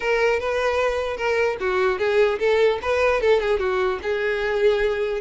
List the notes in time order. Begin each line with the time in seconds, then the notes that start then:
0.00 A#4
0.39 B4
1.16 A#4
1.60 F#4
1.98 G#4
2.39 A4
2.82 B4
3.20 A4
3.40 G#4
3.59 F#4
4.02 G#4